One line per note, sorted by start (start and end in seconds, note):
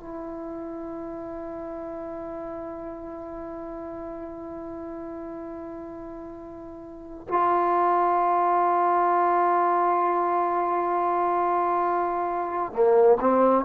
0.00 7.27 E4
7.28 12.72 F4
12.72 13.18 A#3
13.20 13.65 C4